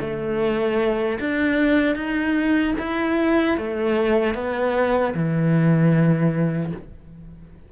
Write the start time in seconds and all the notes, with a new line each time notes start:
0.00 A3
1.19 D4
1.95 D#4
2.78 E4
3.57 A3
4.35 B3
5.14 E3